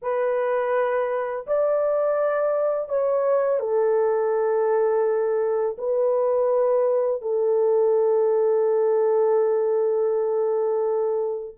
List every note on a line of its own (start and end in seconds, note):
0.02 1.46 B4
1.47 2.88 D5
2.88 3.59 C#5
3.59 5.76 A4
5.77 7.21 B4
7.21 11.55 A4